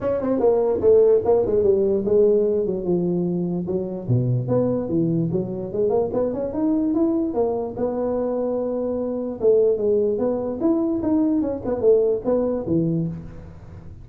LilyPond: \new Staff \with { instrumentName = "tuba" } { \time 4/4 \tempo 4 = 147 cis'8 c'8 ais4 a4 ais8 gis8 | g4 gis4. fis8 f4~ | f4 fis4 b,4 b4 | e4 fis4 gis8 ais8 b8 cis'8 |
dis'4 e'4 ais4 b4~ | b2. a4 | gis4 b4 e'4 dis'4 | cis'8 b8 a4 b4 e4 | }